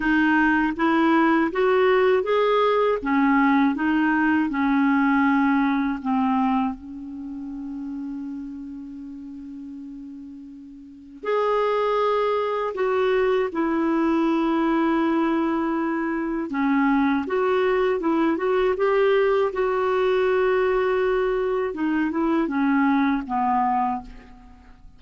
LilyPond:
\new Staff \with { instrumentName = "clarinet" } { \time 4/4 \tempo 4 = 80 dis'4 e'4 fis'4 gis'4 | cis'4 dis'4 cis'2 | c'4 cis'2.~ | cis'2. gis'4~ |
gis'4 fis'4 e'2~ | e'2 cis'4 fis'4 | e'8 fis'8 g'4 fis'2~ | fis'4 dis'8 e'8 cis'4 b4 | }